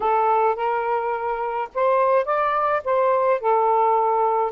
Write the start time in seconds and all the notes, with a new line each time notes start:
0.00 A4
0.55 A#4
1.74 C5
2.25 D5
2.84 C5
3.40 A4